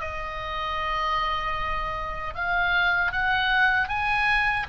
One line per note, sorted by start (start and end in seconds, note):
0.00 2.34 D#5
2.34 3.12 F5
3.12 3.88 F#5
3.88 4.66 G#5